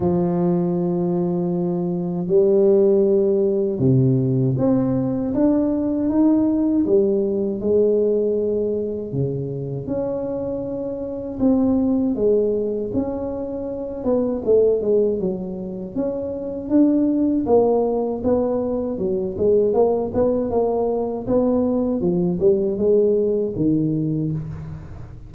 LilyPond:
\new Staff \with { instrumentName = "tuba" } { \time 4/4 \tempo 4 = 79 f2. g4~ | g4 c4 c'4 d'4 | dis'4 g4 gis2 | cis4 cis'2 c'4 |
gis4 cis'4. b8 a8 gis8 | fis4 cis'4 d'4 ais4 | b4 fis8 gis8 ais8 b8 ais4 | b4 f8 g8 gis4 dis4 | }